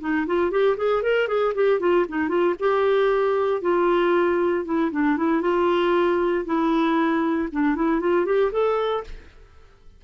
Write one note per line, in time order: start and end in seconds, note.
0.00 0.26 D#4
0.26 0.51 F4
0.51 0.76 G4
0.77 1.02 G#4
1.02 1.27 A#4
1.27 1.53 G#4
1.54 1.79 G4
1.79 2.05 F4
2.08 2.28 D#4
2.28 2.54 F4
2.59 3.61 G4
3.61 4.65 F4
4.65 4.91 E4
4.91 5.17 D4
5.17 5.41 E4
5.41 6.44 F4
6.45 7.48 E4
7.51 7.75 D4
7.75 8.00 E4
8.00 8.25 F4
8.25 8.51 G4
8.52 9.03 A4